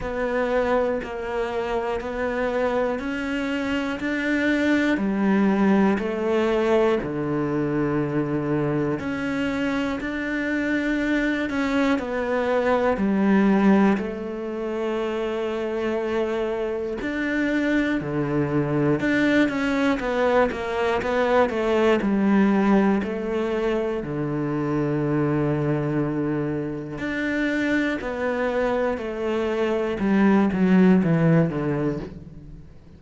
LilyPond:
\new Staff \with { instrumentName = "cello" } { \time 4/4 \tempo 4 = 60 b4 ais4 b4 cis'4 | d'4 g4 a4 d4~ | d4 cis'4 d'4. cis'8 | b4 g4 a2~ |
a4 d'4 d4 d'8 cis'8 | b8 ais8 b8 a8 g4 a4 | d2. d'4 | b4 a4 g8 fis8 e8 d8 | }